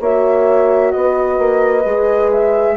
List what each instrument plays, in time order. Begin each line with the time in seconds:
0.00 bassoon A#3, horn F#4 C#5, flute E5
0.91 bassoon B3, horn B4, flute D#5
1.38 bassoon A#3
1.85 bassoon G#3, horn G#4
2.32 flute E5